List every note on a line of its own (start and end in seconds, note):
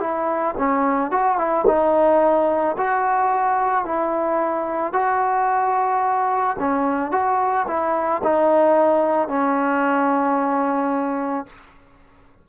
0.00 0.55 E4
0.58 1.11 C#4
1.11 1.37 F#4
1.37 1.65 E4
1.67 2.76 D#4
2.77 3.85 F#4
3.85 4.93 E4
4.93 6.57 F#4
6.59 7.11 C#4
7.11 7.66 F#4
7.67 8.22 E4
8.23 9.28 D#4
9.28 11.46 C#4